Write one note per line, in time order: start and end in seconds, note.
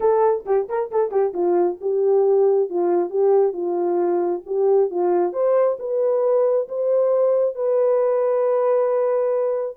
0.00 0.44 A4
0.45 0.67 G4
0.68 0.91 A#4
0.91 1.11 A4
1.11 1.33 G4
1.33 1.78 F4
1.80 2.69 G4
2.69 3.10 F4
3.10 3.53 G4
3.53 4.41 F4
4.46 4.90 G4
4.90 5.32 F4
5.32 5.77 C5
5.79 6.67 B4
6.68 7.55 C5
7.55 9.76 B4